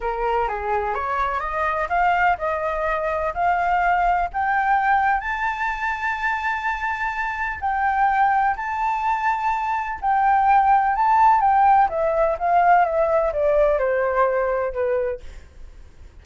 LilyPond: \new Staff \with { instrumentName = "flute" } { \time 4/4 \tempo 4 = 126 ais'4 gis'4 cis''4 dis''4 | f''4 dis''2 f''4~ | f''4 g''2 a''4~ | a''1 |
g''2 a''2~ | a''4 g''2 a''4 | g''4 e''4 f''4 e''4 | d''4 c''2 b'4 | }